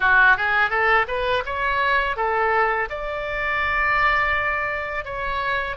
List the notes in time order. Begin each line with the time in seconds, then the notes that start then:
0.00 F#4
0.36 G#4
0.70 A4
1.07 B4
1.45 C#5
2.16 A4
2.89 D5
5.04 C#5